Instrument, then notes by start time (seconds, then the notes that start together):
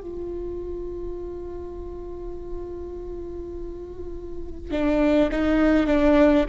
viola
0.00 F4
4.71 D4
5.31 D#4
5.86 D4